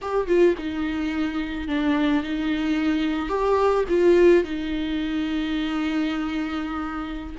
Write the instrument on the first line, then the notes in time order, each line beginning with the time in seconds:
viola
0.01 G4
0.27 F4
0.58 D#4
1.67 D4
2.23 D#4
3.29 G4
3.89 F4
4.43 D#4